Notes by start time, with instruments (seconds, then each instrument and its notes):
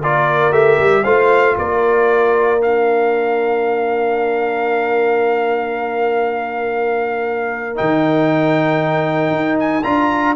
0.00 tuba A#3, trombone F4, horn A#4, trumpet D5
0.52 tuba A3, trombone G4, trumpet E5
0.78 tuba G3
1.03 tuba A3, trombone F4, horn C5, trumpet F5
1.58 tuba A#3, horn A#4, trumpet D5
2.59 trombone D4, trumpet F5
7.76 tuba D#3, trombone D#4, trumpet G5
9.31 tuba D#4
9.59 trumpet G#5
9.84 tuba D4, trombone F4, trumpet A#5